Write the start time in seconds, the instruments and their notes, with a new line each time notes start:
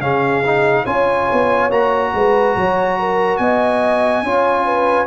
0.00 tuba C#3, trombone C#4, horn G#4, trumpet F5
0.45 trombone D#4
0.83 tuba C#4, trombone F4, horn C#5, trumpet G#5
1.32 tuba B3
1.70 tuba A#3, trombone F#4, trumpet A#5
2.14 tuba G#3, horn B4
2.56 tuba F#3, horn C#5
2.99 horn A#4
3.37 tuba B3, horn D#5, trumpet G#5
4.23 tuba C#4, trombone F4, horn C#5
4.65 horn B4